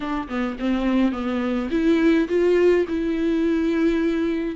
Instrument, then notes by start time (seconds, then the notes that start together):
viola
0.00 D4
0.28 B3
0.59 C4
1.12 B3
1.70 E4
2.28 F4
2.88 E4